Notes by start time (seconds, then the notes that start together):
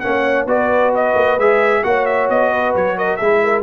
0.00 A#3 C#4 C#5 F#5
0.46 B3 F#4 B4 D5
0.95 D#5
1.15 A#3
1.37 G#3 G#4 E5
1.83 A#3 F#4 C#5 F#5
2.06 E5
2.29 B3 D#5
2.52 B4
2.75 F#3 C#5
2.97 A#4 D#5
3.17 G#3 E4 G#4 E5
3.43 A#4